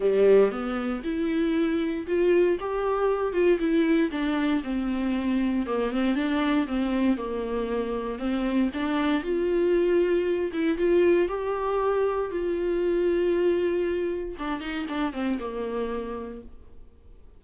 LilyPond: \new Staff \with { instrumentName = "viola" } { \time 4/4 \tempo 4 = 117 g4 b4 e'2 | f'4 g'4. f'8 e'4 | d'4 c'2 ais8 c'8 | d'4 c'4 ais2 |
c'4 d'4 f'2~ | f'8 e'8 f'4 g'2 | f'1 | d'8 dis'8 d'8 c'8 ais2 | }